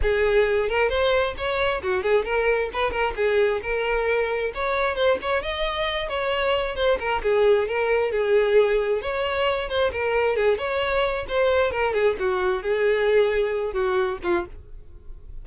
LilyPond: \new Staff \with { instrumentName = "violin" } { \time 4/4 \tempo 4 = 133 gis'4. ais'8 c''4 cis''4 | fis'8 gis'8 ais'4 b'8 ais'8 gis'4 | ais'2 cis''4 c''8 cis''8 | dis''4. cis''4. c''8 ais'8 |
gis'4 ais'4 gis'2 | cis''4. c''8 ais'4 gis'8 cis''8~ | cis''4 c''4 ais'8 gis'8 fis'4 | gis'2~ gis'8 fis'4 f'8 | }